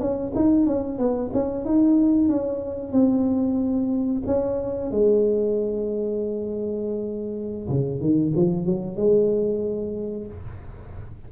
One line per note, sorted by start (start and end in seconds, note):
0.00 0.33 C#4
0.36 0.66 D#4
0.66 0.98 C#4
0.98 1.31 B3
1.33 1.65 C#4
1.65 2.29 D#4
2.29 2.92 C#4
2.92 4.22 C4
4.26 4.91 C#4
4.91 7.68 G#3
7.69 8.00 C#3
8.00 8.33 D#3
8.36 8.66 F3
8.66 8.96 F#3
8.96 10.27 G#3